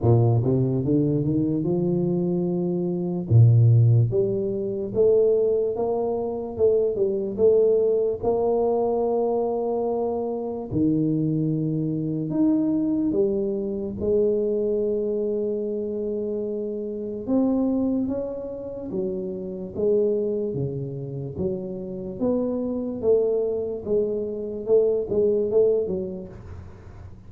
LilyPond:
\new Staff \with { instrumentName = "tuba" } { \time 4/4 \tempo 4 = 73 ais,8 c8 d8 dis8 f2 | ais,4 g4 a4 ais4 | a8 g8 a4 ais2~ | ais4 dis2 dis'4 |
g4 gis2.~ | gis4 c'4 cis'4 fis4 | gis4 cis4 fis4 b4 | a4 gis4 a8 gis8 a8 fis8 | }